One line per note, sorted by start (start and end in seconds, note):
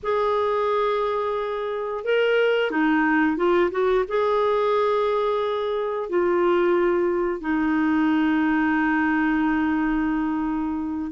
0.02 2.04 G#4
2.04 2.70 A#4
2.70 3.36 D#4
3.36 3.70 F4
3.71 4.04 F#4
4.08 6.09 G#4
6.09 7.40 F4
7.40 11.11 D#4